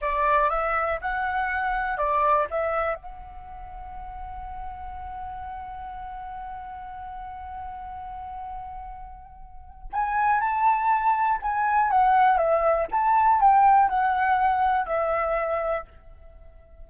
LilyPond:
\new Staff \with { instrumentName = "flute" } { \time 4/4 \tempo 4 = 121 d''4 e''4 fis''2 | d''4 e''4 fis''2~ | fis''1~ | fis''1~ |
fis''1 | gis''4 a''2 gis''4 | fis''4 e''4 a''4 g''4 | fis''2 e''2 | }